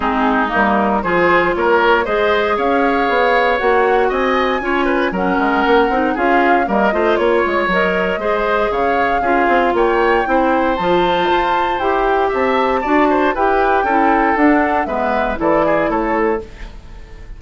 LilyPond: <<
  \new Staff \with { instrumentName = "flute" } { \time 4/4 \tempo 4 = 117 gis'4 ais'4 c''4 cis''4 | dis''4 f''2 fis''4 | gis''2 fis''2 | f''4 dis''4 cis''4 dis''4~ |
dis''4 f''2 g''4~ | g''4 a''2 g''4 | a''2 g''2 | fis''4 e''4 d''4 cis''4 | }
  \new Staff \with { instrumentName = "oboe" } { \time 4/4 dis'2 gis'4 ais'4 | c''4 cis''2. | dis''4 cis''8 b'8 ais'2 | gis'4 ais'8 c''8 cis''2 |
c''4 cis''4 gis'4 cis''4 | c''1 | e''4 d''8 c''8 b'4 a'4~ | a'4 b'4 a'8 gis'8 a'4 | }
  \new Staff \with { instrumentName = "clarinet" } { \time 4/4 c'4 ais4 f'2 | gis'2. fis'4~ | fis'4 f'4 cis'4. dis'8 | f'4 ais8 f'4. ais'4 |
gis'2 f'2 | e'4 f'2 g'4~ | g'4 fis'4 g'4 e'4 | d'4 b4 e'2 | }
  \new Staff \with { instrumentName = "bassoon" } { \time 4/4 gis4 g4 f4 ais4 | gis4 cis'4 b4 ais4 | c'4 cis'4 fis8 gis8 ais8 c'8 | cis'4 g8 a8 ais8 gis8 fis4 |
gis4 cis4 cis'8 c'8 ais4 | c'4 f4 f'4 e'4 | c'4 d'4 e'4 cis'4 | d'4 gis4 e4 a4 | }
>>